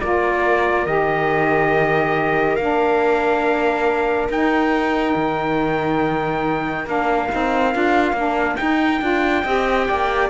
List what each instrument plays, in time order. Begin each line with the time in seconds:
0.00 cello A#3, saxophone F4, viola A#4, trumpet D5
0.86 cello D#3, saxophone G4, trumpet D#5
2.55 cello A#3, saxophone D4, trumpet F5
4.29 cello D#4, saxophone D#4, trumpet G5
5.15 cello D#3
6.85 cello A#3, saxophone D4, trumpet F5
7.29 cello C4, saxophone D#4
7.72 cello D4, saxophone F4
8.12 cello A#3, saxophone D4
8.56 saxophone D#4, cello D#4, trumpet G5
9.00 cello D4, saxophone F4
9.43 cello C4, saxophone G4, viola D#5
9.87 cello A#3, viola D5